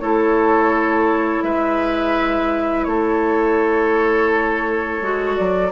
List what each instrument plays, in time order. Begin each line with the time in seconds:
0.00 bassoon A3, clarinet E4, oboe A4, flute C#5
1.43 bassoon G#3, oboe B4, flute E5
2.84 bassoon A3, oboe A4, flute C#5
5.02 bassoon G#3, clarinet F#4
5.36 bassoon F#3, flute D5